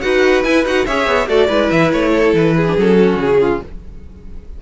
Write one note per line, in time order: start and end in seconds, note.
0.00 0.44 D#4
0.00 0.44 F#4
0.00 0.85 B4
0.00 0.42 F#5
0.43 0.64 E4
0.43 0.65 E4
0.43 0.64 G#5
0.64 0.86 D#4
0.64 0.86 F#4
0.64 0.86 F#5
0.85 1.06 C#4
0.85 1.28 G#4
0.85 1.27 C#5
0.85 1.28 E5
1.06 1.27 B3
1.27 1.48 A3
1.27 1.48 F#4
1.27 1.47 A4
1.27 1.70 D5
1.47 1.70 G#3
1.47 2.65 E4
1.47 2.10 B4
1.70 1.92 E3
1.70 1.91 E5
1.92 2.33 A3
1.92 2.34 C#5
2.12 2.55 A4
2.33 2.75 E3
2.33 2.77 B4
2.56 2.98 G#4
2.67 2.77 D4
2.77 3.15 F#3
2.77 3.62 C#4
2.77 3.19 A4
2.99 3.40 F#4
3.15 3.57 C#3
3.15 3.62 G#4
3.40 3.61 F4